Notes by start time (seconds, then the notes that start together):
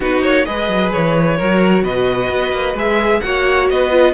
0.00 B3 D#4 F#4 B4
0.22 A#3 C#5
0.45 G#3 G#4 B4 D#5
0.68 F#3
0.92 E3 C#5
1.36 F#3 F#4 A#4
1.82 B2 B4 D#5
2.29 B3
2.52 A#3
2.73 G#3 G#4 E5
3.21 A#3 F#4 C#5 F#5
3.70 B3 B4 D#5
3.90 F4